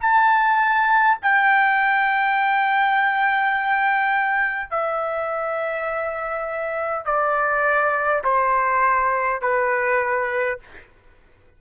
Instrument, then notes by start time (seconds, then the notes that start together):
trumpet
0.00 A5
1.22 G5
4.70 E5
7.05 D5
8.24 C5
9.41 B4